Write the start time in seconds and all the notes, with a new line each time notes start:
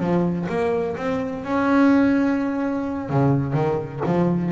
0.00 F3
0.50 A#3
0.97 C4
1.45 C#4
3.10 C#3
3.54 D#3
4.06 F3